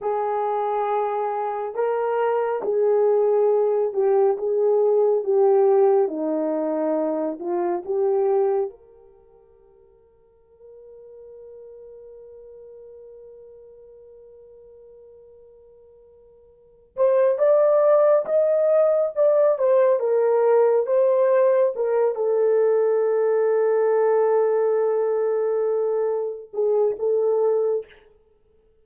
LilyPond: \new Staff \with { instrumentName = "horn" } { \time 4/4 \tempo 4 = 69 gis'2 ais'4 gis'4~ | gis'8 g'8 gis'4 g'4 dis'4~ | dis'8 f'8 g'4 ais'2~ | ais'1~ |
ais'2.~ ais'8 c''8 | d''4 dis''4 d''8 c''8 ais'4 | c''4 ais'8 a'2~ a'8~ | a'2~ a'8 gis'8 a'4 | }